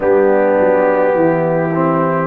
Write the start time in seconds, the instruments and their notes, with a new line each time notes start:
0.00 tuba G3, trombone B3, horn D4, trumpet G4
0.59 tuba F#3
1.14 tuba E3, horn E4
1.74 trombone C4